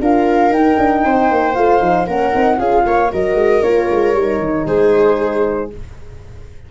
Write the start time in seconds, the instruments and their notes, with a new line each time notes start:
0.00 tuba D4, horn F4, viola A#4, flute F5
0.49 tuba D#4, horn D#4, flute G5
0.78 tuba D4
1.04 tuba C4, viola C5
1.30 tuba A#3
1.54 tuba A3, horn F4, flute F5
1.80 tuba F3, horn D#4
2.06 tuba A#3, horn C#4, viola A#4, flute F#5
2.32 tuba C4, horn D#4
2.56 tuba C#4, horn F4, viola G#4, flute F5
2.85 tuba A#3, viola C#5
3.12 tuba F#3, horn F#4, viola A#4, flute D#5
3.34 tuba G#3
3.62 tuba A#3, horn F4, flute C#5
3.90 tuba G#3
4.13 tuba G3, horn D#4
4.39 tuba D#3
4.66 tuba G#3, viola G#4, flute C5